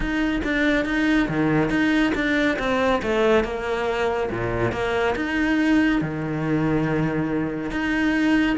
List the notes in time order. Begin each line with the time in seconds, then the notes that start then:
0.00 D#4
0.44 D4
0.85 D#4
1.28 D#3
1.70 D#4
2.14 D4
2.58 C4
3.02 A3
3.44 A#3
4.30 A#2
4.72 A#3
5.15 D#4
6.01 D#3
7.70 D#4